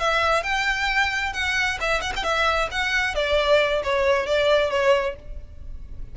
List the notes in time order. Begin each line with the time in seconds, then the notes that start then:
0.00 E5
0.43 G5
1.33 F#5
1.80 E5
2.01 F#5
2.16 G5
2.24 E5
2.71 F#5
3.15 D5
3.84 C#5
4.27 D5
4.71 C#5